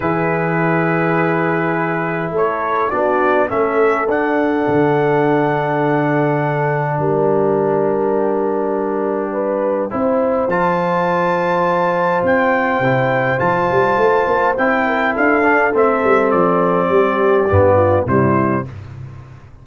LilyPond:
<<
  \new Staff \with { instrumentName = "trumpet" } { \time 4/4 \tempo 4 = 103 b'1 | cis''4 d''4 e''4 fis''4~ | fis''1 | g''1~ |
g''2 a''2~ | a''4 g''2 a''4~ | a''4 g''4 f''4 e''4 | d''2. c''4 | }
  \new Staff \with { instrumentName = "horn" } { \time 4/4 gis'1 | a'4 fis'4 a'2~ | a'1 | ais'1 |
b'4 c''2.~ | c''1~ | c''4. ais'8 a'2~ | a'4 g'4. f'8 e'4 | }
  \new Staff \with { instrumentName = "trombone" } { \time 4/4 e'1~ | e'4 d'4 cis'4 d'4~ | d'1~ | d'1~ |
d'4 e'4 f'2~ | f'2 e'4 f'4~ | f'4 e'4. d'8 c'4~ | c'2 b4 g4 | }
  \new Staff \with { instrumentName = "tuba" } { \time 4/4 e1 | a4 b4 a4 d'4 | d1 | g1~ |
g4 c'4 f2~ | f4 c'4 c4 f8 g8 | a8 ais8 c'4 d'4 a8 g8 | f4 g4 g,4 c4 | }
>>